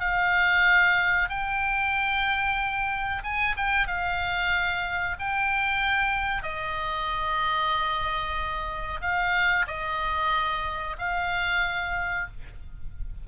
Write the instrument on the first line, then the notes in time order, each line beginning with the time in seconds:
oboe
0.00 F5
1.29 G5
3.23 G#5
3.57 G5
3.87 F5
5.19 G5
6.43 D#5
9.01 F5
9.67 D#5
10.98 F5